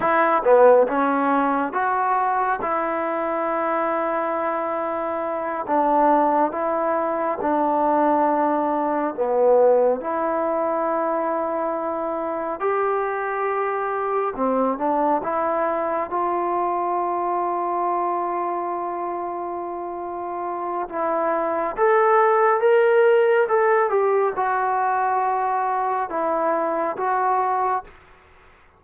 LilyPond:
\new Staff \with { instrumentName = "trombone" } { \time 4/4 \tempo 4 = 69 e'8 b8 cis'4 fis'4 e'4~ | e'2~ e'8 d'4 e'8~ | e'8 d'2 b4 e'8~ | e'2~ e'8 g'4.~ |
g'8 c'8 d'8 e'4 f'4.~ | f'1 | e'4 a'4 ais'4 a'8 g'8 | fis'2 e'4 fis'4 | }